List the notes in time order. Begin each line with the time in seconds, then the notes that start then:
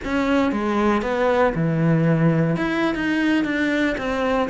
0.04 C#4
0.52 G#3
1.02 B3
1.54 E3
2.56 E4
2.94 D#4
3.44 D4
3.97 C4